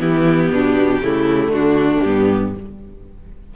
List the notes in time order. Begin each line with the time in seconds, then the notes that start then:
0.00 E3 B3 E4 G4
0.52 B2 D4
1.01 C#3 A3 E4
1.48 D3 D4 F#4
2.01 G2 B3 G4